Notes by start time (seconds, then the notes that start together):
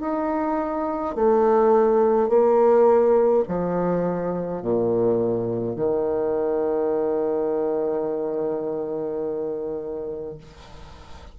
0.00 D#4
1.15 A3
2.28 A#3
3.48 F3
4.62 A#2
5.76 D#3